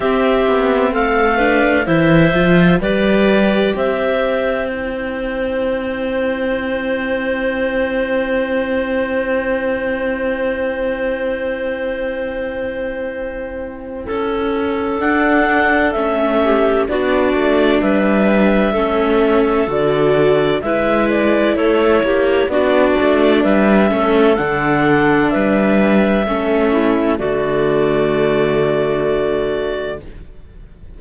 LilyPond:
<<
  \new Staff \with { instrumentName = "clarinet" } { \time 4/4 \tempo 4 = 64 e''4 f''4 e''4 d''4 | e''4 g''2.~ | g''1~ | g''1 |
fis''4 e''4 d''4 e''4~ | e''4 d''4 e''8 d''8 cis''4 | d''4 e''4 fis''4 e''4~ | e''4 d''2. | }
  \new Staff \with { instrumentName = "clarinet" } { \time 4/4 g'4 a'8 b'8 c''4 b'4 | c''1~ | c''1~ | c''2. a'4~ |
a'4. g'8 fis'4 b'4 | a'2 b'4 a'8 g'8 | fis'4 b'8 a'4. b'4 | a'8 e'8 fis'2. | }
  \new Staff \with { instrumentName = "viola" } { \time 4/4 c'4. d'8 e'8 f'8 g'4~ | g'4 e'2.~ | e'1~ | e'1 |
d'4 cis'4 d'2 | cis'4 fis'4 e'2 | d'4. cis'8 d'2 | cis'4 a2. | }
  \new Staff \with { instrumentName = "cello" } { \time 4/4 c'8 b8 a4 e8 f8 g4 | c'1~ | c'1~ | c'2. cis'4 |
d'4 a4 b8 a8 g4 | a4 d4 gis4 a8 ais8 | b8 a8 g8 a8 d4 g4 | a4 d2. | }
>>